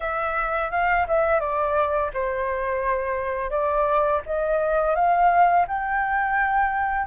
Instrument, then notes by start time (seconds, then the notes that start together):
flute
0.00 E5
0.71 F5
1.07 E5
1.40 D5
2.13 C5
3.50 D5
4.25 D#5
4.95 F5
5.67 G5